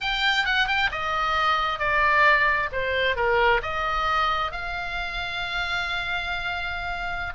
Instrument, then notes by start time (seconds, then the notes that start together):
oboe
0.01 G5
0.45 F#5
0.67 G5
0.91 D#5
1.79 D5
2.72 C5
3.16 A#4
3.62 D#5
4.51 F5